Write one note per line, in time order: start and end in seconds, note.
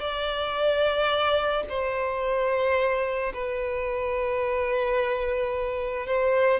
0.00 1.64 D5
1.70 3.33 C5
3.34 6.07 B4
6.07 6.60 C5